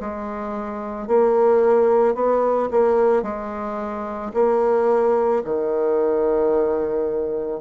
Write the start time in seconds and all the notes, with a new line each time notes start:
0.00 G#3
1.08 A#3
2.15 B3
2.71 A#3
3.23 G#3
4.34 A#3
5.44 D#3